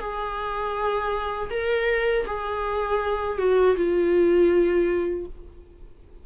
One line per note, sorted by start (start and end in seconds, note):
0.00 1.50 G#4
1.50 2.25 A#4
2.26 3.38 G#4
3.38 3.76 F#4
3.76 5.26 F4